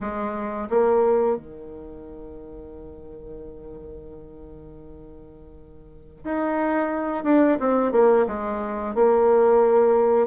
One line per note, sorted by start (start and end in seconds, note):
0.00 0.68 G#3
0.69 1.37 A#3
1.37 6.24 D#3
6.24 7.24 D#4
7.24 7.58 D4
7.59 7.92 C4
7.92 8.26 A#3
8.27 8.94 G#3
8.94 10.27 A#3